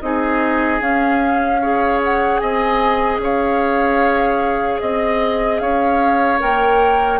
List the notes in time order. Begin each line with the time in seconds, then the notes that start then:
0.00 C4 D#4 G#4 D#5
0.80 C#4 F5
1.61 G#4 C#5
2.04 F#5
2.38 C4 D#5 G#5
3.18 C#4 C#5 F5
4.80 C4 D#5
5.59 C#4 C#5 F5
6.40 A#3 A#4 G5